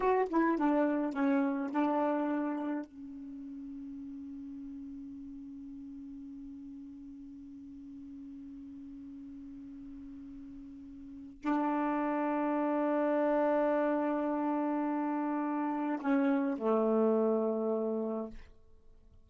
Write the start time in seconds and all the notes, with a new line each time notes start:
0.00 F#4
0.29 E4
0.58 D4
1.13 C#4
1.71 D4
2.85 C#4
11.42 D4
16.00 C#4
16.58 A3